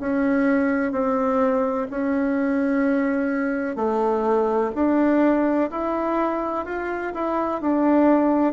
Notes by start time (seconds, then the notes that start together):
0.00 C#4
0.92 C4
1.90 C#4
3.76 A3
4.75 D4
5.71 E4
6.65 F4
7.14 E4
7.61 D4